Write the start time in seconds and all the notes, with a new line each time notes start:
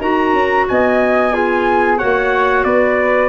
0.00 D#4 F#4 A#4 A#5
0.33 C#4
0.69 B3 D#5 G#5
1.32 F4 G#4
1.99 A#3 F#4 C#5 F#5
2.65 B3 B4 D5